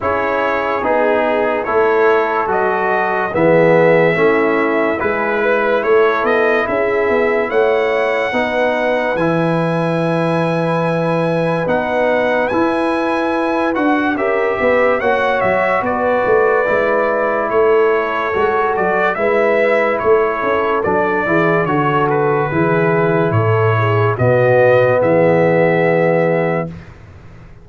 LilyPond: <<
  \new Staff \with { instrumentName = "trumpet" } { \time 4/4 \tempo 4 = 72 cis''4 gis'4 cis''4 dis''4 | e''2 b'4 cis''8 dis''8 | e''4 fis''2 gis''4~ | gis''2 fis''4 gis''4~ |
gis''8 fis''8 e''4 fis''8 e''8 d''4~ | d''4 cis''4. d''8 e''4 | cis''4 d''4 cis''8 b'4. | cis''4 dis''4 e''2 | }
  \new Staff \with { instrumentName = "horn" } { \time 4/4 gis'2 a'2 | gis'4 e'4 gis'8 b'8 a'4 | gis'4 cis''4 b'2~ | b'1~ |
b'4 ais'8 b'8 cis''4 b'4~ | b'4 a'2 b'4 | a'4. gis'8 a'4 gis'4 | a'8 gis'8 fis'4 gis'2 | }
  \new Staff \with { instrumentName = "trombone" } { \time 4/4 e'4 dis'4 e'4 fis'4 | b4 cis'4 e'2~ | e'2 dis'4 e'4~ | e'2 dis'4 e'4~ |
e'8 fis'8 g'4 fis'2 | e'2 fis'4 e'4~ | e'4 d'8 e'8 fis'4 e'4~ | e'4 b2. | }
  \new Staff \with { instrumentName = "tuba" } { \time 4/4 cis'4 b4 a4 fis4 | e4 a4 gis4 a8 b8 | cis'8 b8 a4 b4 e4~ | e2 b4 e'4~ |
e'8 d'8 cis'8 b8 ais8 fis8 b8 a8 | gis4 a4 gis8 fis8 gis4 | a8 cis'8 fis8 e8 d4 e4 | a,4 b,4 e2 | }
>>